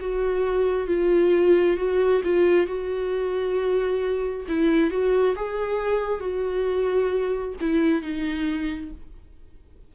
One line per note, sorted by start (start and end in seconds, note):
0.00 0.87 F#4
0.87 1.77 F4
1.77 2.21 F#4
2.24 2.67 F4
2.67 4.46 F#4
4.48 4.91 E4
4.91 5.35 F#4
5.36 6.20 G#4
6.20 7.55 F#4
7.61 8.01 E4
8.01 8.91 D#4